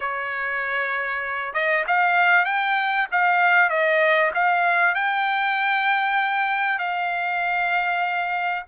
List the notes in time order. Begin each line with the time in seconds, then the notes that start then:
0.00 C#5
1.53 D#5
1.87 F5
2.45 G5
3.11 F5
3.69 D#5
4.34 F5
4.94 G5
6.78 F5